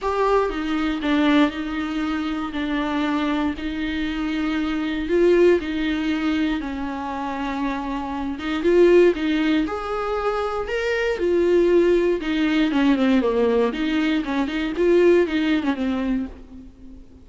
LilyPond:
\new Staff \with { instrumentName = "viola" } { \time 4/4 \tempo 4 = 118 g'4 dis'4 d'4 dis'4~ | dis'4 d'2 dis'4~ | dis'2 f'4 dis'4~ | dis'4 cis'2.~ |
cis'8 dis'8 f'4 dis'4 gis'4~ | gis'4 ais'4 f'2 | dis'4 cis'8 c'8 ais4 dis'4 | cis'8 dis'8 f'4 dis'8. cis'16 c'4 | }